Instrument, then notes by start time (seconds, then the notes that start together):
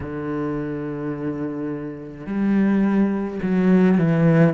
cello
0.00 D3
2.26 G3
3.42 F#3
3.98 E3